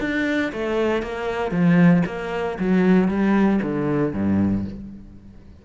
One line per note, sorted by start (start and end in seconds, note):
0.00 0.52 D4
0.52 1.03 A3
1.03 1.51 A#3
1.51 2.03 F3
2.06 2.58 A#3
2.59 3.08 F#3
3.08 3.60 G3
3.62 4.13 D3
4.13 4.65 G2